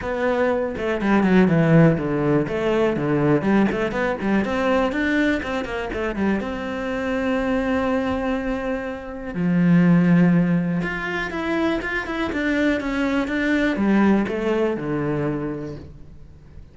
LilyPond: \new Staff \with { instrumentName = "cello" } { \time 4/4 \tempo 4 = 122 b4. a8 g8 fis8 e4 | d4 a4 d4 g8 a8 | b8 g8 c'4 d'4 c'8 ais8 | a8 g8 c'2.~ |
c'2. f4~ | f2 f'4 e'4 | f'8 e'8 d'4 cis'4 d'4 | g4 a4 d2 | }